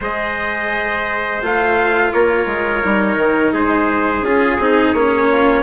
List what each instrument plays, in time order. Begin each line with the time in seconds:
0.00 bassoon G#3, cello G#4, trumpet C5 D#5
1.42 bassoon A3, cello F4, trumpet F5
2.12 bassoon A#3, trumpet A#4 C#5
2.46 bassoon G#3
2.82 bassoon G3, cello D#4
3.16 bassoon D#3
3.52 bassoon G#3, trumpet G#4 C5
4.21 bassoon C#4, cello F4, trumpet G#4
4.59 bassoon C4, cello D#4
4.93 bassoon A#3, cello C#4, trumpet C#5
5.30 trumpet F4